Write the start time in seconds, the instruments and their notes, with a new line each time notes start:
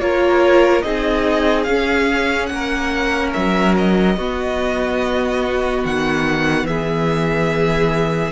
0.00 cello A#3, viola F4, violin A#4 C#5
0.82 cello C4, viola D#4, violin G#4 D#5
1.64 cello C#4, viola C#4, violin F5
2.47 cello A#3, violin F#5
2.54 violin A#4
3.34 cello F#3, violin E5
3.78 violin D#5
4.17 cello B3, viola B3, violin F#4
5.85 cello D#3, violin F#5
6.64 cello E3, violin G#4 E5